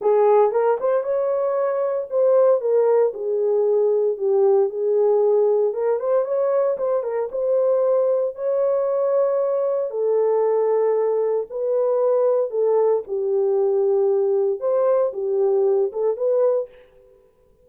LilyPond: \new Staff \with { instrumentName = "horn" } { \time 4/4 \tempo 4 = 115 gis'4 ais'8 c''8 cis''2 | c''4 ais'4 gis'2 | g'4 gis'2 ais'8 c''8 | cis''4 c''8 ais'8 c''2 |
cis''2. a'4~ | a'2 b'2 | a'4 g'2. | c''4 g'4. a'8 b'4 | }